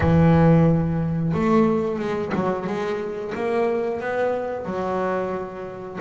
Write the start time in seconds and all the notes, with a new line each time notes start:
0.00 E3
1.33 A3
1.99 G#3
2.35 F#3
2.66 G#3
3.34 A#3
4.00 B3
4.65 F#3